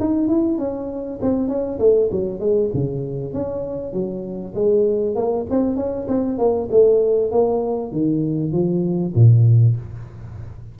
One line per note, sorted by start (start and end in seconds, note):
0.00 0.28 D#4
0.28 0.58 E4
0.58 1.20 C#4
1.22 1.48 C4
1.48 1.79 C#4
1.79 2.10 A3
2.12 2.40 F#3
2.40 2.71 G#3
2.74 3.34 C#3
3.34 3.93 C#4
3.93 4.54 F#3
4.55 5.15 G#3
5.15 5.46 A#3
5.50 5.76 C4
5.76 6.07 C#4
6.08 6.38 C4
6.38 6.69 A#3
6.71 7.32 A3
7.32 7.92 A#3
7.92 8.53 D#3
8.53 9.14 F3
9.15 9.77 A#2